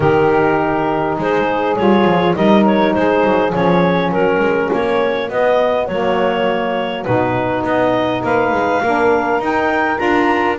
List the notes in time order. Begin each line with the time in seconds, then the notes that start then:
0.00 D#3 D#4 G4 A#4
1.17 G#3 G#4 C5
1.76 G3 F4 C#5
2.04 F3
2.35 G3 D#4 A#4 D#5
2.65 C#5
2.94 G#3 G#4 C5
3.24 F#3
3.51 F3 C#4 C#5
4.11 F#3 F#4 A#4
4.40 G#3
4.72 A#3 C#5
5.29 B3 D#5
5.87 F#3 A#3 C#5
7.04 B2 D#4 B4
7.63 B3 D#5
8.23 A#3 B4 F5
8.51 G#3
8.82 A#3 D4 A#4
9.39 D#4 G5
9.96 D4 F4 A#5